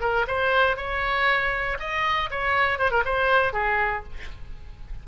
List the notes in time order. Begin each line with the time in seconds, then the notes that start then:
0.00 A#4
0.27 C5
0.77 C#5
1.79 D#5
2.30 C#5
2.78 C5
2.91 A#4
3.05 C5
3.52 G#4